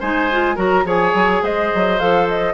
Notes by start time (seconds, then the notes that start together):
0.00 G#3 D#4 C5 G#5
0.32 F4
0.56 F#3 F#4 A#4 A#5
0.85 F3 G#4 C#5 G#5
1.14 F#3
1.43 G#3 C5 D#5
1.75 F#3
1.99 F3 A4 F5
2.29 D#5